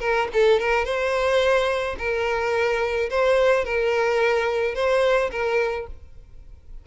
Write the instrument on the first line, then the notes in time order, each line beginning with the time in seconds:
violin
0.00 A#4
0.33 A4
0.59 A#4
0.85 C5
1.98 A#4
3.10 C5
3.65 A#4
4.75 C5
5.31 A#4